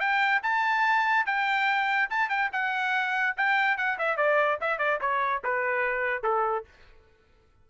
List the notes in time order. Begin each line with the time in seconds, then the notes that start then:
0.00 G5
0.43 A5
1.26 G5
2.10 A5
2.29 G5
2.52 F#5
3.37 G5
3.77 F#5
3.98 E5
4.17 D5
4.61 E5
4.78 D5
5.01 C#5
5.44 B4
6.23 A4